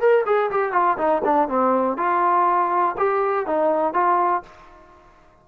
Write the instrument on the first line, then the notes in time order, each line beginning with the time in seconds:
trombone
0.00 A#4
0.26 G#4
0.51 G4
0.72 F4
0.97 D#4
1.24 D4
1.48 C4
1.97 F4
2.97 G4
3.46 D#4
3.93 F4